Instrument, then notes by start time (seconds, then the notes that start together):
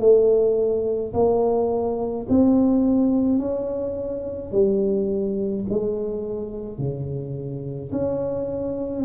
tuba
0.00 A3
1.13 A#3
2.29 C4
3.39 C#4
4.52 G3
5.70 G#3
6.78 C#3
7.92 C#4